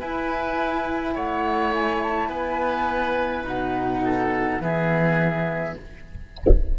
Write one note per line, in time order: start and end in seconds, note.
0.00 1.16 E4
0.00 3.45 E4
0.00 1.14 B4
0.00 1.16 G#5
1.14 2.28 A3
1.14 2.29 C#5
1.14 1.74 F#5
1.75 2.03 G#5
2.03 2.29 A5
2.28 3.44 B3
2.28 4.02 B4
2.28 3.45 G#5
3.45 4.60 B2
3.45 4.61 D#4
3.45 4.61 F#5
4.05 4.62 A4
4.60 5.75 E3
4.60 5.76 B3
4.60 5.79 G#4
4.60 5.77 E5